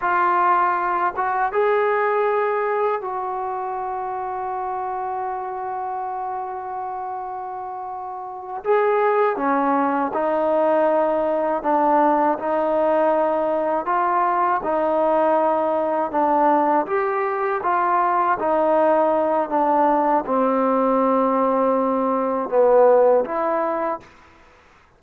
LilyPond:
\new Staff \with { instrumentName = "trombone" } { \time 4/4 \tempo 4 = 80 f'4. fis'8 gis'2 | fis'1~ | fis'2.~ fis'8 gis'8~ | gis'8 cis'4 dis'2 d'8~ |
d'8 dis'2 f'4 dis'8~ | dis'4. d'4 g'4 f'8~ | f'8 dis'4. d'4 c'4~ | c'2 b4 e'4 | }